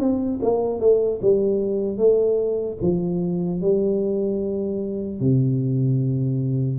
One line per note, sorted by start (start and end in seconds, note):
0.00 0.40 C4
0.43 0.80 A#3
0.80 1.20 A3
1.22 1.98 G3
1.98 2.78 A3
2.82 3.61 F3
3.61 5.20 G3
5.20 6.79 C3